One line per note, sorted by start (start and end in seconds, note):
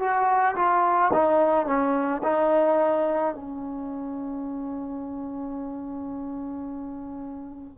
0.00 0.56 F#4
0.56 1.12 F4
1.14 1.67 D#4
1.67 2.23 C#4
2.24 3.35 D#4
3.35 7.78 C#4